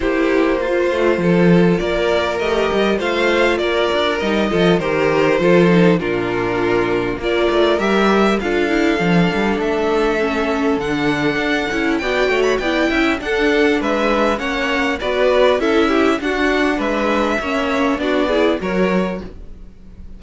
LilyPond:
<<
  \new Staff \with { instrumentName = "violin" } { \time 4/4 \tempo 4 = 100 c''2. d''4 | dis''4 f''4 d''4 dis''4 | c''2 ais'2 | d''4 e''4 f''2 |
e''2 fis''2 | g''8. b''16 g''4 fis''4 e''4 | fis''4 d''4 e''4 fis''4 | e''2 d''4 cis''4 | }
  \new Staff \with { instrumentName = "violin" } { \time 4/4 g'4 f'4 a'4 ais'4~ | ais'4 c''4 ais'4. a'8 | ais'4 a'4 f'2 | ais'2 a'2~ |
a'1 | d''8 cis''8 d''8 e''8 a'4 b'4 | cis''4 b'4 a'8 g'8 fis'4 | b'4 cis''4 fis'8 gis'8 ais'4 | }
  \new Staff \with { instrumentName = "viola" } { \time 4/4 e'4 f'2. | g'4 f'2 dis'8 f'8 | g'4 f'8 dis'8 d'2 | f'4 g'4 f'8 e'8 d'4~ |
d'4 cis'4 d'4. e'8 | fis'4 e'4 d'2 | cis'4 fis'4 e'4 d'4~ | d'4 cis'4 d'8 e'8 fis'4 | }
  \new Staff \with { instrumentName = "cello" } { \time 4/4 ais4. a8 f4 ais4 | a8 g8 a4 ais8 d'8 g8 f8 | dis4 f4 ais,2 | ais8 a8 g4 d'4 f8 g8 |
a2 d4 d'8 cis'8 | b8 a8 b8 cis'8 d'4 gis4 | ais4 b4 cis'4 d'4 | gis4 ais4 b4 fis4 | }
>>